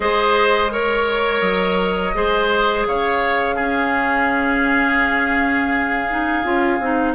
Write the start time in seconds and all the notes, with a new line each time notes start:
0.00 G#3 G#4 C5 D#5
0.70 A#4 C#5
1.40 F#3 D#5
2.14 G#3 G#4 C5
2.86 C#3 C#5 F5
3.55 C#4 G#4
6.09 D#4
6.43 C#4 F4
6.79 C4 D#4